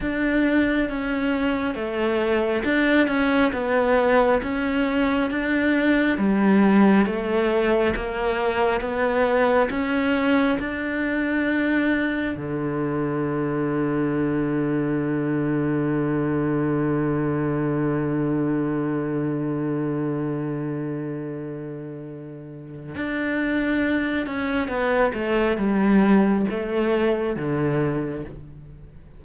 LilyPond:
\new Staff \with { instrumentName = "cello" } { \time 4/4 \tempo 4 = 68 d'4 cis'4 a4 d'8 cis'8 | b4 cis'4 d'4 g4 | a4 ais4 b4 cis'4 | d'2 d2~ |
d1~ | d1~ | d2 d'4. cis'8 | b8 a8 g4 a4 d4 | }